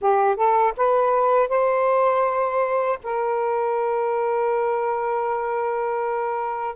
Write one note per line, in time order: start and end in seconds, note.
0.01 0.35 G4
0.35 0.73 A4
0.76 1.48 B4
1.48 2.98 C5
3.03 6.75 A#4